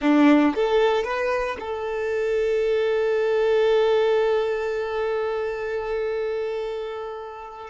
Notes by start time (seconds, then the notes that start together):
0.01 D4
0.55 A4
1.04 B4
1.59 A4